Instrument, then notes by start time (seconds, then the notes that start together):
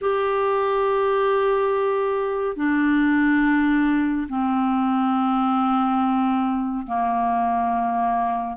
clarinet
0.01 G4
2.56 D4
4.29 C4
6.86 A#3